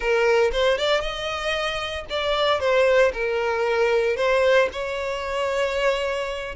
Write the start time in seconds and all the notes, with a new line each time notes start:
0.00 A#4
0.51 C5
0.78 D5
1.01 D#5
2.09 D5
2.59 C5
3.13 A#4
4.16 C5
4.72 C#5